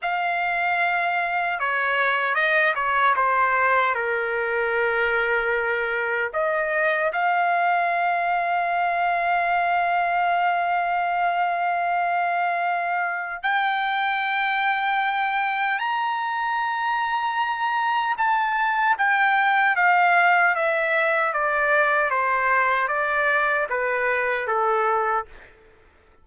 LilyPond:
\new Staff \with { instrumentName = "trumpet" } { \time 4/4 \tempo 4 = 76 f''2 cis''4 dis''8 cis''8 | c''4 ais'2. | dis''4 f''2.~ | f''1~ |
f''4 g''2. | ais''2. a''4 | g''4 f''4 e''4 d''4 | c''4 d''4 b'4 a'4 | }